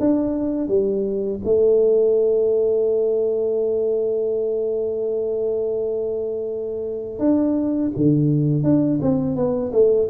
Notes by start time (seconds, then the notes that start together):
0.00 D4
0.68 G3
1.45 A3
7.19 D4
7.96 D3
8.64 D4
9.02 C4
9.36 B3
9.72 A3